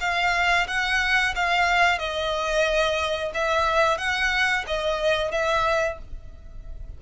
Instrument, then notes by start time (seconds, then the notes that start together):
violin
0.00 F5
0.67 F#5
1.35 F5
1.98 D#5
3.34 E5
3.98 F#5
4.67 D#5
5.32 E5